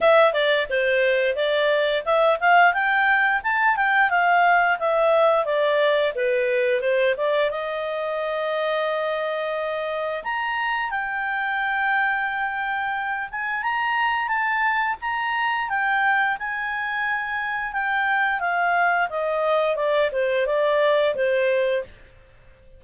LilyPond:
\new Staff \with { instrumentName = "clarinet" } { \time 4/4 \tempo 4 = 88 e''8 d''8 c''4 d''4 e''8 f''8 | g''4 a''8 g''8 f''4 e''4 | d''4 b'4 c''8 d''8 dis''4~ | dis''2. ais''4 |
g''2.~ g''8 gis''8 | ais''4 a''4 ais''4 g''4 | gis''2 g''4 f''4 | dis''4 d''8 c''8 d''4 c''4 | }